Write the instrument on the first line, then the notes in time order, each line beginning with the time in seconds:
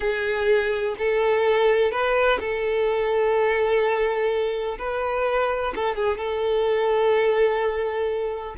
violin
0.00 G#4
0.98 A4
1.91 B4
2.40 A4
4.78 B4
5.75 A4
5.95 G#4
6.17 A4